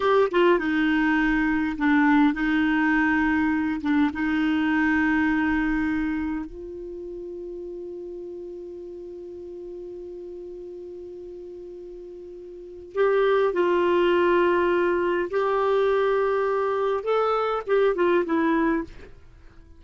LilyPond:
\new Staff \with { instrumentName = "clarinet" } { \time 4/4 \tempo 4 = 102 g'8 f'8 dis'2 d'4 | dis'2~ dis'8 d'8 dis'4~ | dis'2. f'4~ | f'1~ |
f'1~ | f'2 g'4 f'4~ | f'2 g'2~ | g'4 a'4 g'8 f'8 e'4 | }